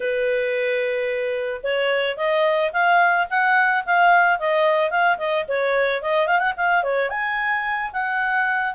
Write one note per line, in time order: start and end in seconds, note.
0.00 1.61 B4
1.63 2.16 C#5
2.16 2.71 D#5
2.72 3.27 F5
3.30 3.84 F#5
3.85 4.39 F5
4.39 4.90 D#5
4.90 5.17 F5
5.18 5.45 D#5
5.48 6.01 C#5
6.01 6.27 D#5
6.27 6.39 F5
6.39 6.52 F#5
6.56 6.83 F5
6.83 7.09 C#5
7.09 7.91 G#5
7.92 8.74 F#5